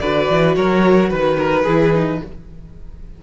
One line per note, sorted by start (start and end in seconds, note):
0.00 0.29 D3
0.00 1.65 F#4
0.00 0.56 B4
0.00 0.55 D5
0.30 0.57 E3
0.56 1.12 F#3
0.56 1.10 A#4
0.56 1.11 C#5
1.10 1.66 D#3
1.10 1.37 B4
1.10 2.24 B4
1.39 1.64 A#4
1.64 2.21 E3
1.64 1.95 E4
1.64 2.18 G#4
1.95 2.22 D#4